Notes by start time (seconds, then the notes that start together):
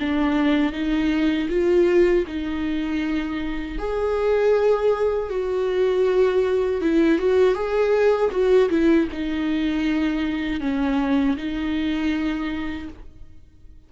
0.00 D4
0.72 D#4
1.49 F4
2.27 D#4
3.79 G#4
5.30 F#4
6.81 E4
7.19 F#4
7.55 G#4
8.31 F#4
8.70 E4
9.12 D#4
10.61 C#4
11.37 D#4